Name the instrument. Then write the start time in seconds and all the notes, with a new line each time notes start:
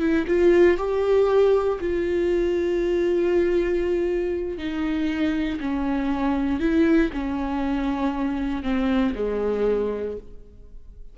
viola
0.00 E4
0.28 F4
0.78 G4
1.81 F4
4.58 D#4
5.61 C#4
6.60 E4
7.13 C#4
8.63 C4
9.15 G#3